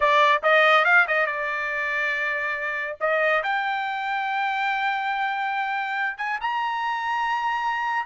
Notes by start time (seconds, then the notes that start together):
0.00 D5
0.42 D#5
0.84 F5
1.07 D#5
1.26 D5
3.00 D#5
3.43 G5
6.17 G#5
6.40 A#5